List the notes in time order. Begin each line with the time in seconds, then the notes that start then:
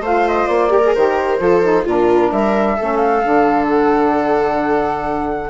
0.00 A3 F4 C5 F5
0.28 D#5
0.47 A#3 D5
0.69 G4 A#4
0.85 G#4
0.95 D#3 G4 C5
1.39 F3 F4 A4
1.62 D#4
1.84 A#2 D4 F4 A#4
2.32 G3 A#4 E5
2.76 A3 C#4 A4
2.96 F5
3.23 D3 D4
3.69 F#5